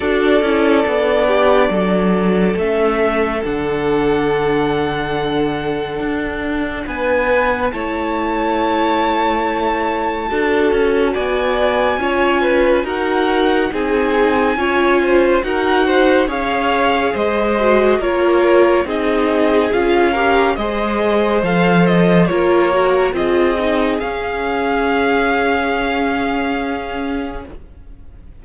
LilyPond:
<<
  \new Staff \with { instrumentName = "violin" } { \time 4/4 \tempo 4 = 70 d''2. e''4 | fis''1 | gis''4 a''2.~ | a''4 gis''2 fis''4 |
gis''2 fis''4 f''4 | dis''4 cis''4 dis''4 f''4 | dis''4 f''8 dis''8 cis''4 dis''4 | f''1 | }
  \new Staff \with { instrumentName = "violin" } { \time 4/4 a'4. g'8 a'2~ | a'1 | b'4 cis''2. | a'4 d''4 cis''8 b'8 ais'4 |
gis'4 cis''8 c''8 ais'8 c''8 cis''4 | c''4 ais'4 gis'4. ais'8 | c''2 ais'4 gis'4~ | gis'1 | }
  \new Staff \with { instrumentName = "viola" } { \time 4/4 fis'8 e'8 d'2 cis'4 | d'1~ | d'4 e'2. | fis'2 f'4 fis'4 |
dis'4 f'4 fis'4 gis'4~ | gis'8 fis'8 f'4 dis'4 f'8 g'8 | gis'4 a'4 f'8 fis'8 f'8 dis'8 | cis'1 | }
  \new Staff \with { instrumentName = "cello" } { \time 4/4 d'8 cis'8 b4 fis4 a4 | d2. d'4 | b4 a2. | d'8 cis'8 b4 cis'4 dis'4 |
c'4 cis'4 dis'4 cis'4 | gis4 ais4 c'4 cis'4 | gis4 f4 ais4 c'4 | cis'1 | }
>>